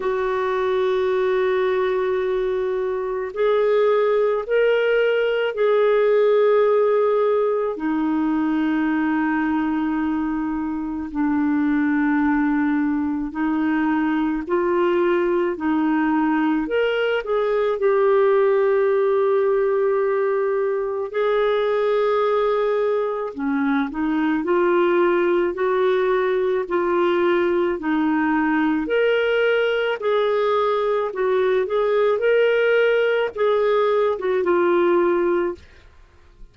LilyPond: \new Staff \with { instrumentName = "clarinet" } { \time 4/4 \tempo 4 = 54 fis'2. gis'4 | ais'4 gis'2 dis'4~ | dis'2 d'2 | dis'4 f'4 dis'4 ais'8 gis'8 |
g'2. gis'4~ | gis'4 cis'8 dis'8 f'4 fis'4 | f'4 dis'4 ais'4 gis'4 | fis'8 gis'8 ais'4 gis'8. fis'16 f'4 | }